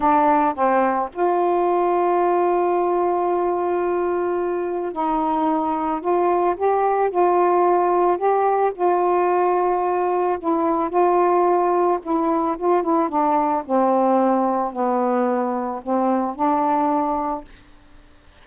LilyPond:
\new Staff \with { instrumentName = "saxophone" } { \time 4/4 \tempo 4 = 110 d'4 c'4 f'2~ | f'1~ | f'4 dis'2 f'4 | g'4 f'2 g'4 |
f'2. e'4 | f'2 e'4 f'8 e'8 | d'4 c'2 b4~ | b4 c'4 d'2 | }